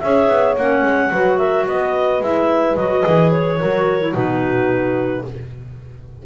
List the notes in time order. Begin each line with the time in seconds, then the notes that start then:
0.00 C#4 G#4 C#5 E5
0.28 B3
0.57 A#3 C#4 F#5
0.83 G#3
1.11 F#3 F#4 B4
1.38 A#4 E5
1.66 B3 B4 D#5
2.21 G#3 E4 E5
2.76 F#3 F#4 D#5
3.05 E3 G#4
3.32 C#5
3.59 F#3 F#4 A#4
4.00 E4
4.14 B2 D#4 F#4 B4